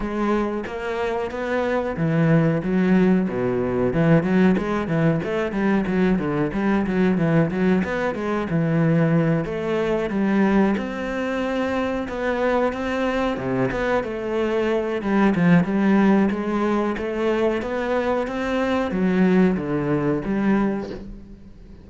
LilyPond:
\new Staff \with { instrumentName = "cello" } { \time 4/4 \tempo 4 = 92 gis4 ais4 b4 e4 | fis4 b,4 e8 fis8 gis8 e8 | a8 g8 fis8 d8 g8 fis8 e8 fis8 | b8 gis8 e4. a4 g8~ |
g8 c'2 b4 c'8~ | c'8 c8 b8 a4. g8 f8 | g4 gis4 a4 b4 | c'4 fis4 d4 g4 | }